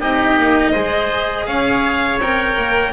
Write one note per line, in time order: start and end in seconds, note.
0.00 0.37 C4
0.00 0.74 D#4
0.00 0.71 G4
0.00 1.46 D#5
0.37 0.74 A#3
0.71 1.46 G#3
0.71 2.20 G#4
0.71 1.45 C5
1.46 2.19 C#4
1.46 2.92 C#5
1.46 2.19 F5
2.19 2.56 C4
2.19 2.92 A#4
2.19 2.92 G5
2.57 2.92 A#3